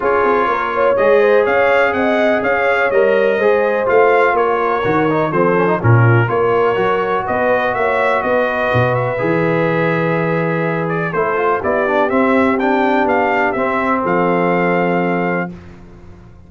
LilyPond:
<<
  \new Staff \with { instrumentName = "trumpet" } { \time 4/4 \tempo 4 = 124 cis''2 dis''4 f''4 | fis''4 f''4 dis''2 | f''4 cis''2 c''4 | ais'4 cis''2 dis''4 |
e''4 dis''4. e''4.~ | e''2~ e''8 d''8 c''4 | d''4 e''4 g''4 f''4 | e''4 f''2. | }
  \new Staff \with { instrumentName = "horn" } { \time 4/4 gis'4 ais'8 cis''4 c''8 cis''4 | dis''4 cis''2 c''4~ | c''4 ais'2 a'4 | f'4 ais'2 b'4 |
cis''4 b'2.~ | b'2. a'4 | g'1~ | g'4 a'2. | }
  \new Staff \with { instrumentName = "trombone" } { \time 4/4 f'2 gis'2~ | gis'2 ais'4 gis'4 | f'2 fis'8 dis'8 c'8 cis'16 dis'16 | cis'4 f'4 fis'2~ |
fis'2. gis'4~ | gis'2. e'8 f'8 | e'8 d'8 c'4 d'2 | c'1 | }
  \new Staff \with { instrumentName = "tuba" } { \time 4/4 cis'8 c'8 ais4 gis4 cis'4 | c'4 cis'4 g4 gis4 | a4 ais4 dis4 f4 | ais,4 ais4 fis4 b4 |
ais4 b4 b,4 e4~ | e2. a4 | b4 c'2 b4 | c'4 f2. | }
>>